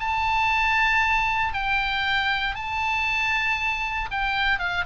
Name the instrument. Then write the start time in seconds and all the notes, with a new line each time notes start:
oboe
0.00 A5
1.54 G5
2.55 A5
4.11 G5
4.59 F5